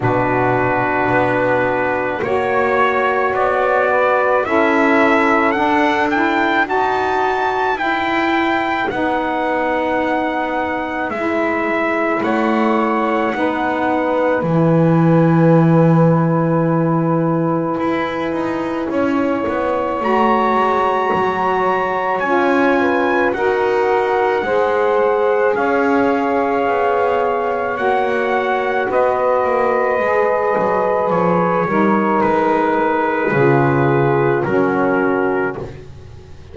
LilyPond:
<<
  \new Staff \with { instrumentName = "trumpet" } { \time 4/4 \tempo 4 = 54 b'2 cis''4 d''4 | e''4 fis''8 g''8 a''4 g''4 | fis''2 e''4 fis''4~ | fis''4 gis''2.~ |
gis''2 ais''2 | gis''4 fis''2 f''4~ | f''4 fis''4 dis''2 | cis''4 b'2 ais'4 | }
  \new Staff \with { instrumentName = "saxophone" } { \time 4/4 fis'2 cis''4. b'8 | a'2 b'2~ | b'2. cis''4 | b'1~ |
b'4 cis''2.~ | cis''8 b'8 ais'4 c''4 cis''4~ | cis''2 b'2~ | b'8 ais'4. gis'4 fis'4 | }
  \new Staff \with { instrumentName = "saxophone" } { \time 4/4 d'2 fis'2 | e'4 d'8 e'8 fis'4 e'4 | dis'2 e'2 | dis'4 e'2.~ |
e'2 fis'2 | f'4 fis'4 gis'2~ | gis'4 fis'2 gis'4~ | gis'8 dis'4. f'4 cis'4 | }
  \new Staff \with { instrumentName = "double bass" } { \time 4/4 b,4 b4 ais4 b4 | cis'4 d'4 dis'4 e'4 | b2 gis4 a4 | b4 e2. |
e'8 dis'8 cis'8 b8 a8 gis8 fis4 | cis'4 dis'4 gis4 cis'4 | b4 ais4 b8 ais8 gis8 fis8 | f8 g8 gis4 cis4 fis4 | }
>>